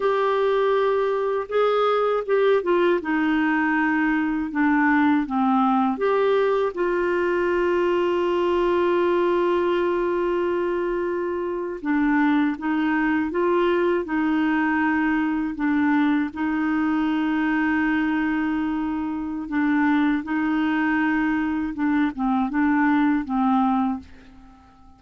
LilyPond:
\new Staff \with { instrumentName = "clarinet" } { \time 4/4 \tempo 4 = 80 g'2 gis'4 g'8 f'8 | dis'2 d'4 c'4 | g'4 f'2.~ | f'2.~ f'8. d'16~ |
d'8. dis'4 f'4 dis'4~ dis'16~ | dis'8. d'4 dis'2~ dis'16~ | dis'2 d'4 dis'4~ | dis'4 d'8 c'8 d'4 c'4 | }